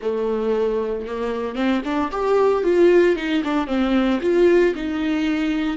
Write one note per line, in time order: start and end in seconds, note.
0.01 1.06 A3
1.06 1.55 A#3
1.55 1.81 C4
1.84 2.11 D4
2.11 2.63 G4
2.63 3.16 F4
3.16 3.42 D#4
3.44 3.67 D4
3.67 4.19 C4
4.21 4.74 F4
4.75 5.76 D#4